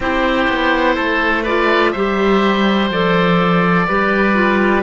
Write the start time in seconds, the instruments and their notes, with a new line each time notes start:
0.00 cello C4, clarinet E4, oboe G4 C5
0.49 cello B3
0.94 cello A3, oboe A4
1.42 clarinet F4, oboe B4 D5
1.91 cello G3, clarinet G4, oboe C5 E5
2.90 cello F3, clarinet A4, oboe D5
3.87 cello G3, clarinet G4, oboe B4
4.33 clarinet F4